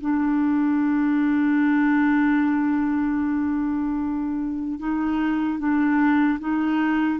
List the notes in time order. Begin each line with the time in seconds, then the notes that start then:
0.00 D4
4.79 D#4
5.59 D4
6.39 D#4